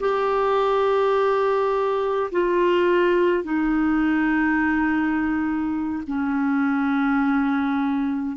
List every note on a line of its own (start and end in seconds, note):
0.00 2.31 G4
2.32 3.44 F4
3.44 6.03 D#4
6.07 8.37 C#4